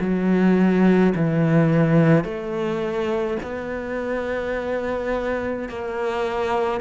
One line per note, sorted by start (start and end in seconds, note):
0.00 1.13 F#3
1.15 2.24 E3
2.24 3.37 A3
3.43 5.69 B3
5.69 6.80 A#3